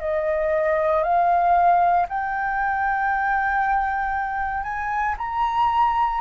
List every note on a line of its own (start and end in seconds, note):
0.00 1.03 D#5
1.03 2.06 F5
2.08 4.63 G5
4.63 5.15 G#5
5.18 6.21 A#5